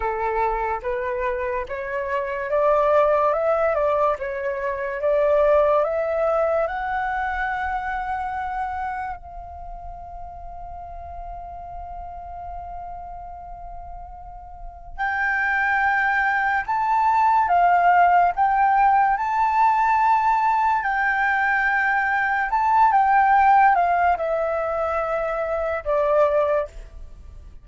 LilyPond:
\new Staff \with { instrumentName = "flute" } { \time 4/4 \tempo 4 = 72 a'4 b'4 cis''4 d''4 | e''8 d''8 cis''4 d''4 e''4 | fis''2. f''4~ | f''1~ |
f''2 g''2 | a''4 f''4 g''4 a''4~ | a''4 g''2 a''8 g''8~ | g''8 f''8 e''2 d''4 | }